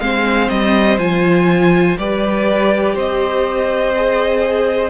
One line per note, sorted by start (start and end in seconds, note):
0.00 0.49 G#3
0.00 0.99 C4
0.00 1.98 C5
0.00 0.49 F5
0.49 0.98 G3
0.49 0.98 D#5
0.98 1.96 F3
0.98 1.97 F4
0.98 1.97 G#5
1.98 2.95 G3
1.98 3.95 G4
1.98 2.94 B4
1.98 2.96 D5
2.94 4.90 C4
2.94 4.90 C5
2.94 4.90 D#5
3.95 4.90 G#4